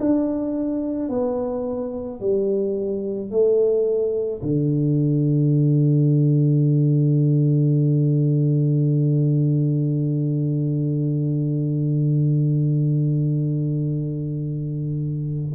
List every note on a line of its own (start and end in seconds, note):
0.00 1.10 D4
1.10 2.21 B3
2.21 3.31 G3
3.31 4.42 A3
4.43 15.54 D3